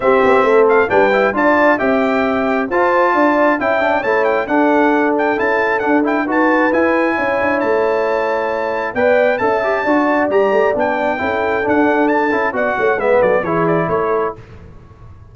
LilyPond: <<
  \new Staff \with { instrumentName = "trumpet" } { \time 4/4 \tempo 4 = 134 e''4. f''8 g''4 a''4 | g''2 a''2 | g''4 a''8 g''8 fis''4. g''8 | a''4 fis''8 g''8 a''4 gis''4~ |
gis''4 a''2. | g''4 a''2 ais''4 | g''2 fis''4 a''4 | fis''4 e''8 d''8 cis''8 d''8 cis''4 | }
  \new Staff \with { instrumentName = "horn" } { \time 4/4 g'4 a'4 b'4 d''4 | e''2 c''4 d''4 | e''4 cis''4 a'2~ | a'2 b'2 |
cis''1 | d''4 e''4 d''2~ | d''4 a'2. | d''8 cis''8 b'8 a'8 gis'4 a'4 | }
  \new Staff \with { instrumentName = "trombone" } { \time 4/4 c'2 d'8 e'8 f'4 | g'2 f'2 | e'8 d'8 e'4 d'2 | e'4 d'8 e'8 fis'4 e'4~ |
e'1 | b'4 a'8 g'8 fis'4 g'4 | d'4 e'4 d'4. e'8 | fis'4 b4 e'2 | }
  \new Staff \with { instrumentName = "tuba" } { \time 4/4 c'8 b8 a4 g4 d'4 | c'2 f'4 d'4 | cis'4 a4 d'2 | cis'4 d'4 dis'4 e'4 |
cis'8 d'8 a2. | b4 cis'4 d'4 g8 a8 | b4 cis'4 d'4. cis'8 | b8 a8 gis8 fis8 e4 a4 | }
>>